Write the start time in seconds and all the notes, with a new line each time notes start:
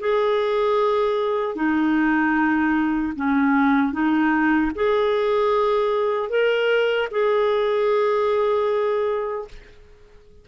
0.00 G#4
1.55 D#4
3.16 C#4
3.93 D#4
4.75 G#4
6.30 A#4
7.11 G#4